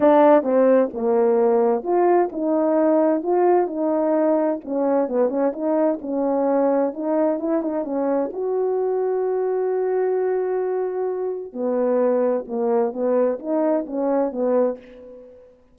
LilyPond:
\new Staff \with { instrumentName = "horn" } { \time 4/4 \tempo 4 = 130 d'4 c'4 ais2 | f'4 dis'2 f'4 | dis'2 cis'4 b8 cis'8 | dis'4 cis'2 dis'4 |
e'8 dis'8 cis'4 fis'2~ | fis'1~ | fis'4 b2 ais4 | b4 dis'4 cis'4 b4 | }